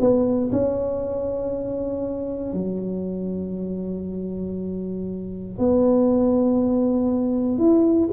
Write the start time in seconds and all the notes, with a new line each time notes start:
0.00 B3
0.52 C#4
2.53 F#3
5.58 B3
7.58 E4